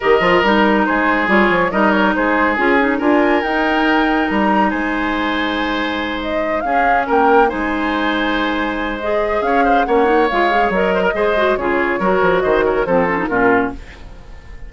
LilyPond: <<
  \new Staff \with { instrumentName = "flute" } { \time 4/4 \tempo 4 = 140 dis''4 ais'4 c''4 cis''4 | dis''8 cis''8 c''4 gis'4 gis''4 | g''2 ais''4 gis''4~ | gis''2~ gis''8 dis''4 f''8~ |
f''8 g''4 gis''2~ gis''8~ | gis''4 dis''4 f''4 fis''4 | f''4 dis''2 cis''4~ | cis''4 dis''8 cis''8 c''4 ais'4 | }
  \new Staff \with { instrumentName = "oboe" } { \time 4/4 ais'2 gis'2 | ais'4 gis'2 ais'4~ | ais'2. c''4~ | c''2.~ c''8 gis'8~ |
gis'8 ais'4 c''2~ c''8~ | c''2 cis''8 c''8 cis''4~ | cis''4. c''16 ais'16 c''4 gis'4 | ais'4 c''8 ais'8 a'4 f'4 | }
  \new Staff \with { instrumentName = "clarinet" } { \time 4/4 g'8 f'8 dis'2 f'4 | dis'2 f'8 dis'8 f'4 | dis'1~ | dis'2.~ dis'8 cis'8~ |
cis'4. dis'2~ dis'8~ | dis'4 gis'2 cis'8 dis'8 | f'8 gis'8 ais'4 gis'8 fis'8 f'4 | fis'2 c'8 cis'16 dis'16 cis'4 | }
  \new Staff \with { instrumentName = "bassoon" } { \time 4/4 dis8 f8 g4 gis4 g8 f8 | g4 gis4 cis'4 d'4 | dis'2 g4 gis4~ | gis2.~ gis8 cis'8~ |
cis'8 ais4 gis2~ gis8~ | gis2 cis'4 ais4 | gis4 fis4 gis4 cis4 | fis8 f8 dis4 f4 ais,4 | }
>>